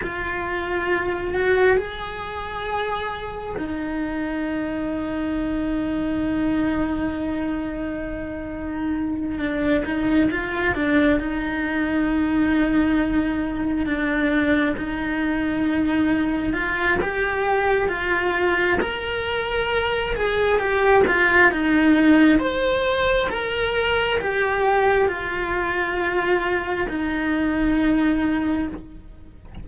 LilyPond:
\new Staff \with { instrumentName = "cello" } { \time 4/4 \tempo 4 = 67 f'4. fis'8 gis'2 | dis'1~ | dis'2~ dis'8 d'8 dis'8 f'8 | d'8 dis'2. d'8~ |
d'8 dis'2 f'8 g'4 | f'4 ais'4. gis'8 g'8 f'8 | dis'4 c''4 ais'4 g'4 | f'2 dis'2 | }